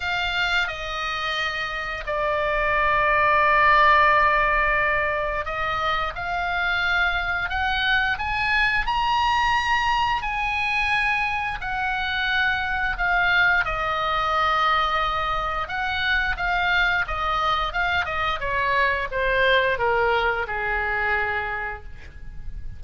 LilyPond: \new Staff \with { instrumentName = "oboe" } { \time 4/4 \tempo 4 = 88 f''4 dis''2 d''4~ | d''1 | dis''4 f''2 fis''4 | gis''4 ais''2 gis''4~ |
gis''4 fis''2 f''4 | dis''2. fis''4 | f''4 dis''4 f''8 dis''8 cis''4 | c''4 ais'4 gis'2 | }